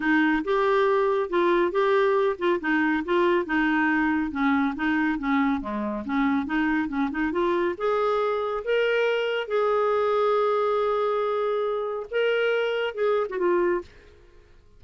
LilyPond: \new Staff \with { instrumentName = "clarinet" } { \time 4/4 \tempo 4 = 139 dis'4 g'2 f'4 | g'4. f'8 dis'4 f'4 | dis'2 cis'4 dis'4 | cis'4 gis4 cis'4 dis'4 |
cis'8 dis'8 f'4 gis'2 | ais'2 gis'2~ | gis'1 | ais'2 gis'8. fis'16 f'4 | }